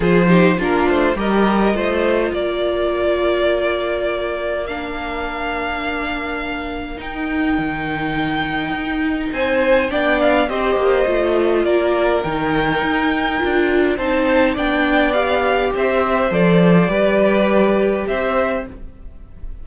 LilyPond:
<<
  \new Staff \with { instrumentName = "violin" } { \time 4/4 \tempo 4 = 103 c''4 ais'8 c''8 dis''2 | d''1 | f''1 | g''1 |
gis''4 g''8 f''8 dis''2 | d''4 g''2. | a''4 g''4 f''4 e''4 | d''2. e''4 | }
  \new Staff \with { instrumentName = "violin" } { \time 4/4 gis'8 g'8 f'4 ais'4 c''4 | ais'1~ | ais'1~ | ais'1 |
c''4 d''4 c''2 | ais'1 | c''4 d''2 c''4~ | c''4 b'2 c''4 | }
  \new Staff \with { instrumentName = "viola" } { \time 4/4 f'8 dis'8 d'4 g'4 f'4~ | f'1 | d'1 | dis'1~ |
dis'4 d'4 g'4 f'4~ | f'4 dis'2 f'4 | dis'4 d'4 g'2 | a'4 g'2. | }
  \new Staff \with { instrumentName = "cello" } { \time 4/4 f4 ais8 a8 g4 a4 | ais1~ | ais1 | dis'4 dis2 dis'4 |
c'4 b4 c'8 ais8 a4 | ais4 dis4 dis'4 d'4 | c'4 b2 c'4 | f4 g2 c'4 | }
>>